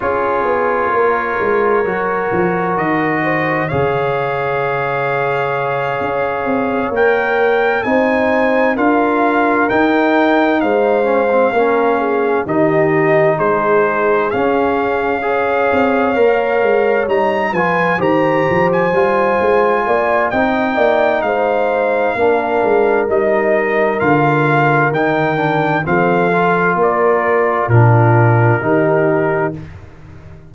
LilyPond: <<
  \new Staff \with { instrumentName = "trumpet" } { \time 4/4 \tempo 4 = 65 cis''2. dis''4 | f''2.~ f''8 g''8~ | g''8 gis''4 f''4 g''4 f''8~ | f''4. dis''4 c''4 f''8~ |
f''2~ f''8 ais''8 gis''8 ais''8~ | ais''16 gis''4.~ gis''16 g''4 f''4~ | f''4 dis''4 f''4 g''4 | f''4 d''4 ais'2 | }
  \new Staff \with { instrumentName = "horn" } { \time 4/4 gis'4 ais'2~ ais'8 c''8 | cis''1~ | cis''8 c''4 ais'2 c''8~ | c''8 ais'8 gis'8 g'4 gis'4.~ |
gis'8 cis''2~ cis''8 b'8 c''8~ | c''4. d''8 dis''8 d''8 c''4 | ais'1 | a'4 ais'4 f'4 g'4 | }
  \new Staff \with { instrumentName = "trombone" } { \time 4/4 f'2 fis'2 | gis'2.~ gis'8 ais'8~ | ais'8 dis'4 f'4 dis'4. | cis'16 c'16 cis'4 dis'2 cis'8~ |
cis'8 gis'4 ais'4 dis'8 f'8 g'8~ | g'8 f'4. dis'2 | d'4 dis'4 f'4 dis'8 d'8 | c'8 f'4. d'4 dis'4 | }
  \new Staff \with { instrumentName = "tuba" } { \time 4/4 cis'8 b8 ais8 gis8 fis8 f8 dis4 | cis2~ cis8 cis'8 c'8 ais8~ | ais8 c'4 d'4 dis'4 gis8~ | gis8 ais4 dis4 gis4 cis'8~ |
cis'4 c'8 ais8 gis8 g8 f8 dis8 | f8 g8 gis8 ais8 c'8 ais8 gis4 | ais8 gis8 g4 d4 dis4 | f4 ais4 ais,4 dis4 | }
>>